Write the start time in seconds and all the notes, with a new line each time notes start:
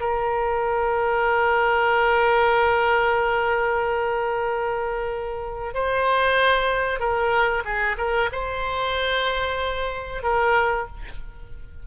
0.00 A#4
5.74 C5
6.99 A#4
7.65 G#4
7.98 A#4
8.32 C5
10.23 A#4